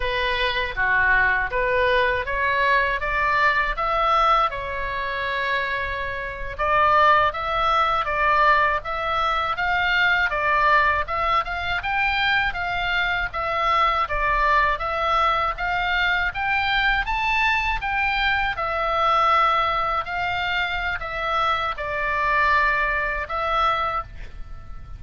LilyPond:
\new Staff \with { instrumentName = "oboe" } { \time 4/4 \tempo 4 = 80 b'4 fis'4 b'4 cis''4 | d''4 e''4 cis''2~ | cis''8. d''4 e''4 d''4 e''16~ | e''8. f''4 d''4 e''8 f''8 g''16~ |
g''8. f''4 e''4 d''4 e''16~ | e''8. f''4 g''4 a''4 g''16~ | g''8. e''2 f''4~ f''16 | e''4 d''2 e''4 | }